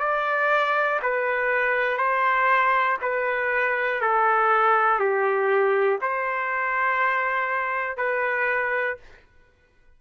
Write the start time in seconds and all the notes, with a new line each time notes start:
0.00 D5
1.02 B4
1.97 C5
3.02 B4
4.01 A4
5.00 G4
6.01 C5
7.97 B4